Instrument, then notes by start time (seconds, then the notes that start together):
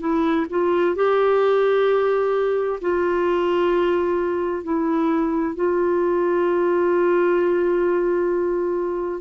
clarinet
0.00 E4
0.50 F4
0.95 G4
2.81 F4
4.63 E4
5.56 F4